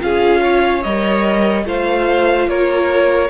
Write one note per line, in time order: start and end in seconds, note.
0.00 0.85 C#4
0.00 0.82 F4
0.00 0.41 G#4
0.00 0.83 F5
0.41 1.65 C#5
0.83 1.66 G3
0.83 1.65 A#4
0.83 1.65 D#5
1.65 2.48 A3
1.65 3.29 F4
1.65 2.49 C5
1.65 2.49 F5
2.48 3.30 A#3
2.48 3.30 A#4
2.48 3.30 C#5